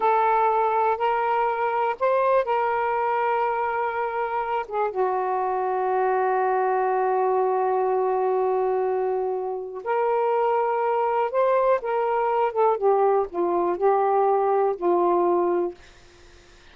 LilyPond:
\new Staff \with { instrumentName = "saxophone" } { \time 4/4 \tempo 4 = 122 a'2 ais'2 | c''4 ais'2.~ | ais'4. gis'8 fis'2~ | fis'1~ |
fis'1 | ais'2. c''4 | ais'4. a'8 g'4 f'4 | g'2 f'2 | }